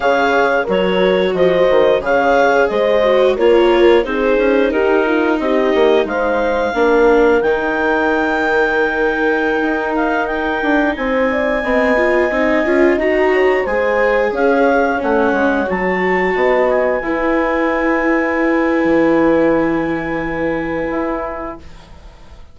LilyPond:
<<
  \new Staff \with { instrumentName = "clarinet" } { \time 4/4 \tempo 4 = 89 f''4 cis''4 dis''4 f''4 | dis''4 cis''4 c''4 ais'4 | dis''4 f''2 g''4~ | g''2~ g''8. f''8 g''8.~ |
g''16 gis''2. ais''8.~ | ais''16 gis''4 f''4 fis''4 a''8.~ | a''8. gis''2.~ gis''16~ | gis''1 | }
  \new Staff \with { instrumentName = "horn" } { \time 4/4 cis''4 ais'4 c''4 cis''4 | c''4 ais'4 gis'4 g'8 f'8 | g'4 c''4 ais'2~ | ais'1~ |
ais'16 c''8 d''8 dis''2~ dis''8 cis''16~ | cis''16 c''4 cis''2~ cis''8.~ | cis''16 dis''4 b'2~ b'8.~ | b'1 | }
  \new Staff \with { instrumentName = "viola" } { \time 4/4 gis'4 fis'2 gis'4~ | gis'8 fis'8 f'4 dis'2~ | dis'2 d'4 dis'4~ | dis'1~ |
dis'4~ dis'16 c'8 f'8 dis'8 f'8 fis'8.~ | fis'16 gis'2 cis'4 fis'8.~ | fis'4~ fis'16 e'2~ e'8.~ | e'1 | }
  \new Staff \with { instrumentName = "bassoon" } { \time 4/4 cis4 fis4 f8 dis8 cis4 | gis4 ais4 c'8 cis'8 dis'4 | c'8 ais8 gis4 ais4 dis4~ | dis2~ dis16 dis'4. d'16~ |
d'16 c'4 b4 c'8 cis'8 dis'8.~ | dis'16 gis4 cis'4 a8 gis8 fis8.~ | fis16 b4 e'2~ e'8. | e2. e'4 | }
>>